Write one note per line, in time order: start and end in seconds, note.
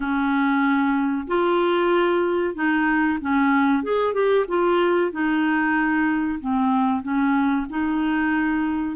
0.00 1.26 C#4
1.27 2.54 F4
2.54 3.18 D#4
3.20 3.83 C#4
3.83 4.13 G#4
4.13 4.45 G4
4.47 5.11 F4
5.11 6.39 D#4
6.40 7.02 C4
7.02 7.66 C#4
7.69 8.96 D#4